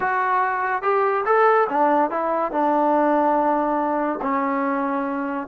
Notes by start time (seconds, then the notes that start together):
0.00 F#4
0.82 G4
1.25 A4
1.69 D4
2.10 E4
2.51 D4
4.21 C#4